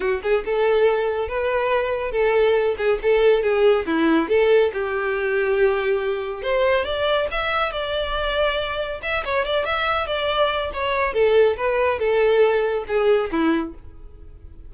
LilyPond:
\new Staff \with { instrumentName = "violin" } { \time 4/4 \tempo 4 = 140 fis'8 gis'8 a'2 b'4~ | b'4 a'4. gis'8 a'4 | gis'4 e'4 a'4 g'4~ | g'2. c''4 |
d''4 e''4 d''2~ | d''4 e''8 cis''8 d''8 e''4 d''8~ | d''4 cis''4 a'4 b'4 | a'2 gis'4 e'4 | }